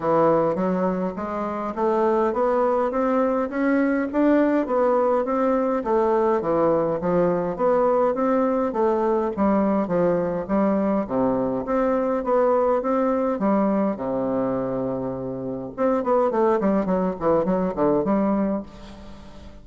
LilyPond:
\new Staff \with { instrumentName = "bassoon" } { \time 4/4 \tempo 4 = 103 e4 fis4 gis4 a4 | b4 c'4 cis'4 d'4 | b4 c'4 a4 e4 | f4 b4 c'4 a4 |
g4 f4 g4 c4 | c'4 b4 c'4 g4 | c2. c'8 b8 | a8 g8 fis8 e8 fis8 d8 g4 | }